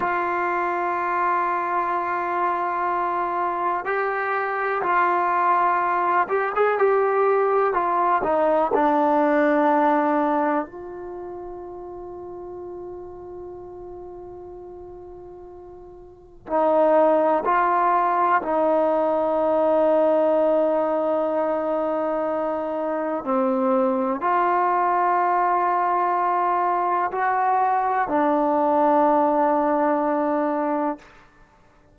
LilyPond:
\new Staff \with { instrumentName = "trombone" } { \time 4/4 \tempo 4 = 62 f'1 | g'4 f'4. g'16 gis'16 g'4 | f'8 dis'8 d'2 f'4~ | f'1~ |
f'4 dis'4 f'4 dis'4~ | dis'1 | c'4 f'2. | fis'4 d'2. | }